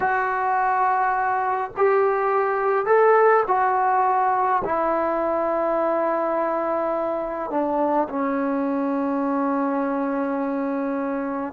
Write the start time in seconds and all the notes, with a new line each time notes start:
0.00 F#4
1.76 G4
2.85 A4
3.47 F#4
4.64 E4
7.50 D4
8.09 C#4